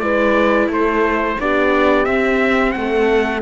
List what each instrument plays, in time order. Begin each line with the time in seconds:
0.00 cello G#3, viola E4, horn B4, trumpet D5
0.68 cello A3, horn A4, trumpet C5
1.40 cello B3, viola D4, horn G4, trumpet D5
2.05 viola C4, cello C4, trumpet E5
2.72 cello A3, trumpet F#5
2.79 horn A4